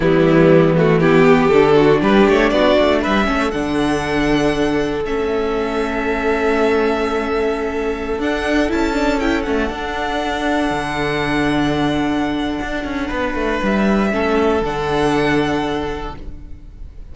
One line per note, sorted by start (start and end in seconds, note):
0.00 1.50 E3
0.00 0.77 G3
0.00 0.99 B3
0.00 0.76 E4
0.77 1.01 A3
0.77 1.00 F#4
1.00 1.52 B3
1.00 1.26 E4
1.00 1.48 G4
1.28 1.76 G4
1.48 2.02 D3
1.48 3.25 D4
1.48 1.98 A4
1.76 2.01 F#4
2.02 2.27 G3
2.02 2.52 G4
2.02 2.27 B4
2.27 2.51 A3
2.27 2.49 C#5
2.49 2.76 B3
2.49 3.01 F#4
2.49 3.00 D5
2.80 3.05 A3
3.01 3.27 G3
3.01 3.26 B4
3.01 3.51 E5
3.25 3.53 A3
3.25 3.50 C#4
3.25 13.07 A4
3.51 5.04 D3
3.51 5.05 D4
3.51 5.02 F#5
5.04 8.18 A3
5.04 8.20 C#4
5.04 8.20 E5
8.18 8.69 D4
8.18 8.68 D4
8.18 8.71 F#5
8.68 9.46 C#4
8.68 8.93 E4
8.68 9.19 A5
8.93 9.18 D4
9.19 9.43 E4
9.19 9.42 G5
9.42 9.69 A3
9.42 9.69 C#4
9.42 13.58 F#5
9.69 10.70 D4
9.69 14.10 D4
10.70 12.59 D3
12.61 12.84 D4
12.84 13.09 C#4
13.07 13.34 B3
13.07 14.08 B4
13.34 13.59 A3
13.62 14.12 G3
13.62 14.63 E5
14.10 14.61 A3
14.10 14.61 C#4
14.10 16.15 A4
14.61 16.12 D3
14.61 16.15 D4
14.61 16.15 F#5